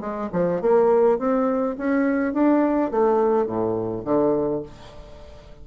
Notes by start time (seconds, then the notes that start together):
0.00 G#3
0.32 F3
0.61 A#3
1.18 C4
1.78 C#4
2.33 D4
2.91 A3
3.46 A2
4.04 D3